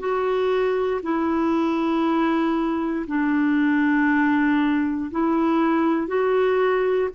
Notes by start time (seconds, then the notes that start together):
0.00 F#4
1.03 E4
3.07 D4
5.11 E4
6.08 F#4